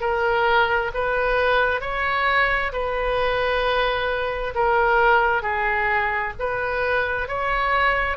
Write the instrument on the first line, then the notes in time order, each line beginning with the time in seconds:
oboe
0.00 A#4
0.94 B4
1.81 C#5
2.72 B4
4.55 A#4
5.42 G#4
6.39 B4
7.28 C#5